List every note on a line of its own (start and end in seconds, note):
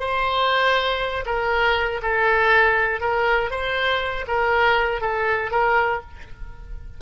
0.00 1.25 C5
1.26 2.01 A#4
2.02 3.01 A4
3.01 3.51 A#4
3.51 4.26 C5
4.27 5.01 A#4
5.01 5.51 A4
5.51 6.01 A#4